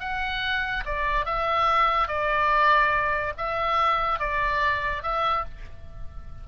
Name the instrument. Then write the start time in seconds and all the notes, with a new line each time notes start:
oboe
0.00 F#5
0.85 D5
1.25 E5
2.08 D5
3.38 E5
4.19 D5
5.03 E5